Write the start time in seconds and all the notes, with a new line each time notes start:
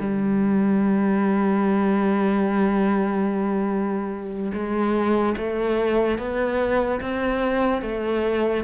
0.00 G3
4.54 G#3
5.37 A3
6.19 B3
7.01 C4
7.82 A3